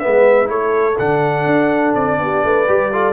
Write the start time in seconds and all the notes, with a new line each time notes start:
0.00 B3 B4 E5
0.06 G#3
0.45 A3 E4 A4 C#5
0.99 D3 D4 F#5
1.46 D4
1.95 C4 D5
2.19 B3 G4
2.44 A3 B4
2.67 G3 G4
2.93 F4 A4